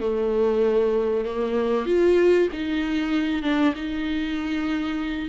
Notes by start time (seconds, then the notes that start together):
0.00 A3
1.25 A#3
1.86 F4
2.53 D#4
3.43 D4
3.76 D#4